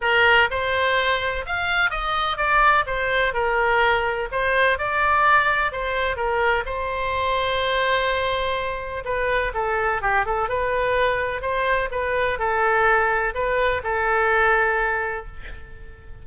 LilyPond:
\new Staff \with { instrumentName = "oboe" } { \time 4/4 \tempo 4 = 126 ais'4 c''2 f''4 | dis''4 d''4 c''4 ais'4~ | ais'4 c''4 d''2 | c''4 ais'4 c''2~ |
c''2. b'4 | a'4 g'8 a'8 b'2 | c''4 b'4 a'2 | b'4 a'2. | }